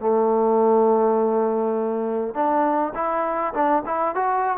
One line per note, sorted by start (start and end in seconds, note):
0.00 2.35 A3
2.35 2.94 D4
2.95 3.54 E4
3.54 3.83 D4
3.86 4.15 E4
4.15 4.58 F#4